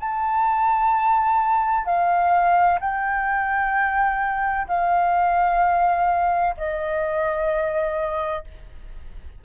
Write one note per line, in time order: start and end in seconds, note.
0.00 1.86 A5
1.86 2.80 F5
2.80 4.68 G5
4.68 6.56 F5
6.58 8.45 D#5